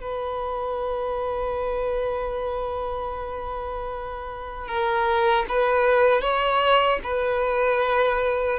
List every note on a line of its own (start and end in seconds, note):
0.00 4.68 B4
4.68 5.45 A#4
5.48 6.21 B4
6.21 6.99 C#5
7.03 8.59 B4